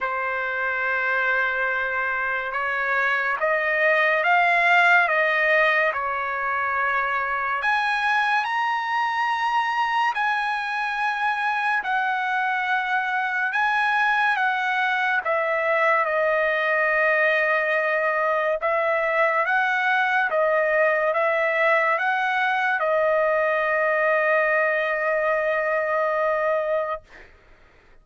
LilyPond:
\new Staff \with { instrumentName = "trumpet" } { \time 4/4 \tempo 4 = 71 c''2. cis''4 | dis''4 f''4 dis''4 cis''4~ | cis''4 gis''4 ais''2 | gis''2 fis''2 |
gis''4 fis''4 e''4 dis''4~ | dis''2 e''4 fis''4 | dis''4 e''4 fis''4 dis''4~ | dis''1 | }